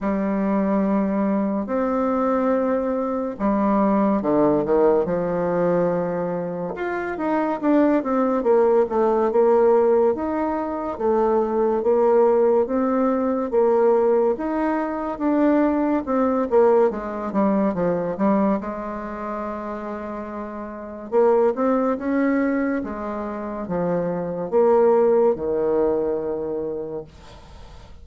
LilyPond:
\new Staff \with { instrumentName = "bassoon" } { \time 4/4 \tempo 4 = 71 g2 c'2 | g4 d8 dis8 f2 | f'8 dis'8 d'8 c'8 ais8 a8 ais4 | dis'4 a4 ais4 c'4 |
ais4 dis'4 d'4 c'8 ais8 | gis8 g8 f8 g8 gis2~ | gis4 ais8 c'8 cis'4 gis4 | f4 ais4 dis2 | }